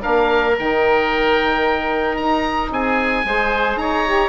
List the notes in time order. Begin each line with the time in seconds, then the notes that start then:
0.00 D4 A#4 F5
0.06 A#3
0.58 D#3 D#4 G5
2.17 D#4 A#5
2.71 C4 G#4 G#5
3.24 G#3 G#4 C5
3.76 D#4 C#5 A#5
4.06 G4